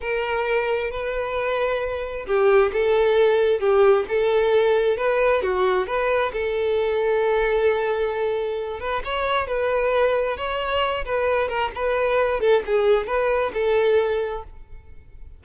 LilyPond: \new Staff \with { instrumentName = "violin" } { \time 4/4 \tempo 4 = 133 ais'2 b'2~ | b'4 g'4 a'2 | g'4 a'2 b'4 | fis'4 b'4 a'2~ |
a'2.~ a'8 b'8 | cis''4 b'2 cis''4~ | cis''8 b'4 ais'8 b'4. a'8 | gis'4 b'4 a'2 | }